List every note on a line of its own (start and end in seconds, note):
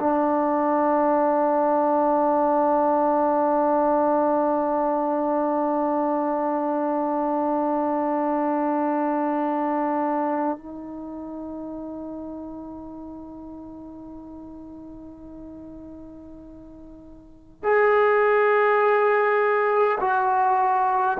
0.00 10.58 D4
10.58 17.64 D#4
17.64 19.99 G#4
20.01 21.18 F#4